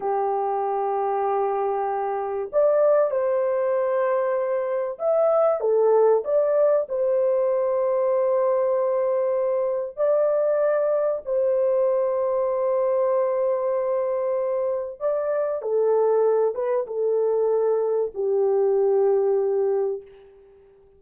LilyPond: \new Staff \with { instrumentName = "horn" } { \time 4/4 \tempo 4 = 96 g'1 | d''4 c''2. | e''4 a'4 d''4 c''4~ | c''1 |
d''2 c''2~ | c''1 | d''4 a'4. b'8 a'4~ | a'4 g'2. | }